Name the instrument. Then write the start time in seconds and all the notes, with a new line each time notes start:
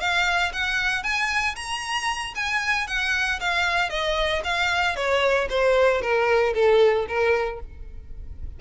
violin
0.00 F5
0.53 F#5
1.03 G#5
1.56 A#5
2.35 G#5
2.87 F#5
3.40 F5
3.90 D#5
4.44 F5
4.96 C#5
5.49 C5
6.01 A#4
6.54 A4
7.08 A#4